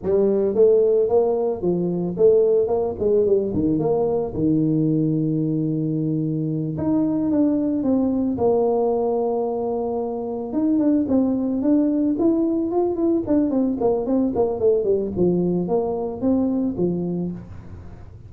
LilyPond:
\new Staff \with { instrumentName = "tuba" } { \time 4/4 \tempo 4 = 111 g4 a4 ais4 f4 | a4 ais8 gis8 g8 dis8 ais4 | dis1~ | dis8 dis'4 d'4 c'4 ais8~ |
ais2.~ ais8 dis'8 | d'8 c'4 d'4 e'4 f'8 | e'8 d'8 c'8 ais8 c'8 ais8 a8 g8 | f4 ais4 c'4 f4 | }